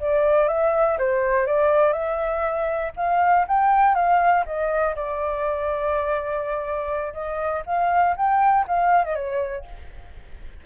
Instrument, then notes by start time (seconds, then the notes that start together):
flute
0.00 D5
0.48 E5
0.99 C5
1.47 D5
1.93 E5
2.97 F5
3.48 G5
3.95 F5
4.46 D#5
4.96 D5
7.14 D#5
7.67 F5
8.17 G5
8.68 F5
9.05 D#5
9.16 C#5